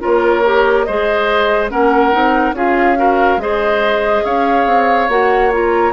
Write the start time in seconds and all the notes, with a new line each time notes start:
0.00 A#3 F4 A#4 C#5
0.45 G4
0.84 G#3 G#4 C5 D#5
1.70 A#3 C#4 A#4 F#5
2.12 C4 D#4
2.53 C#4 F4 G#4 F5
2.96 F#4 A#4
3.37 G#3 G#4 C5 D#5
4.25 C#4 C#5 F5
4.66 C4
5.09 A#3 F#4 F#5
5.52 F4 A#5